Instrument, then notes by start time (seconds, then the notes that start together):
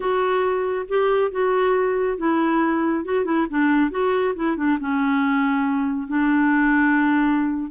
clarinet
0.00 F#4
0.88 G4
1.31 F#4
2.17 E4
3.04 F#4
3.25 E4
3.49 D4
3.91 F#4
4.35 E4
4.56 D4
4.79 C#4
6.07 D4